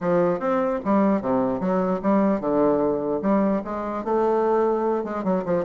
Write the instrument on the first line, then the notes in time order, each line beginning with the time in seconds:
bassoon
0.01 F3
0.39 C4
0.84 G3
1.21 C3
1.60 F#3
2.02 G3
2.40 D3
3.21 G3
3.64 G#3
4.04 A3
5.04 G#3
5.23 F#3
5.45 F3